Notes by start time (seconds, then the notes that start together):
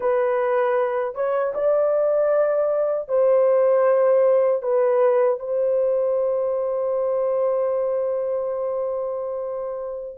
0.00 B4
1.14 C#5
1.54 D5
3.08 C5
4.62 B4
5.39 C5